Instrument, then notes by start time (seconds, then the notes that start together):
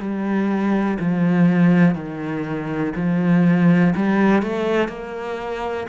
cello
0.00 G3
1.00 F3
1.95 D#3
2.96 F3
3.97 G3
4.43 A3
4.89 A#3